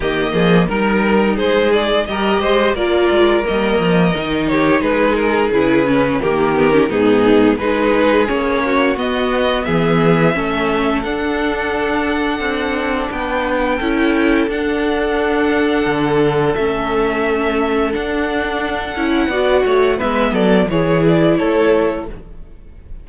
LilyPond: <<
  \new Staff \with { instrumentName = "violin" } { \time 4/4 \tempo 4 = 87 dis''4 ais'4 c''8 d''8 dis''4 | d''4 dis''4. cis''8 b'8 ais'8 | b'4 ais'4 gis'4 b'4 | cis''4 dis''4 e''2 |
fis''2. g''4~ | g''4 fis''2. | e''2 fis''2~ | fis''4 e''8 d''8 cis''8 d''8 cis''4 | }
  \new Staff \with { instrumentName = "violin" } { \time 4/4 g'8 gis'8 ais'4 gis'4 ais'8 c''8 | ais'2~ ais'8 g'8 gis'4~ | gis'4 g'4 dis'4 gis'4~ | gis'8 fis'4. gis'4 a'4~ |
a'2. b'4 | a'1~ | a'1 | d''8 cis''8 b'8 a'8 gis'4 a'4 | }
  \new Staff \with { instrumentName = "viola" } { \time 4/4 ais4 dis'2 g'4 | f'4 ais4 dis'2 | e'8 cis'8 ais8 b16 cis'16 b4 dis'4 | cis'4 b2 cis'4 |
d'1 | e'4 d'2. | cis'2 d'4. e'8 | fis'4 b4 e'2 | }
  \new Staff \with { instrumentName = "cello" } { \time 4/4 dis8 f8 g4 gis4 g8 gis8 | ais8 gis8 g8 f8 dis4 gis4 | cis4 dis4 gis,4 gis4 | ais4 b4 e4 a4 |
d'2 c'4 b4 | cis'4 d'2 d4 | a2 d'4. cis'8 | b8 a8 gis8 fis8 e4 a4 | }
>>